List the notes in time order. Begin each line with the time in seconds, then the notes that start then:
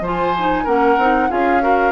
0.00 F3 F4 C5 G#5
0.38 D#4
0.64 A#3 C#4 A#4 F#5
0.97 C4 D#4
1.29 C#4 F4 G#4 F5
1.61 F#4 A#4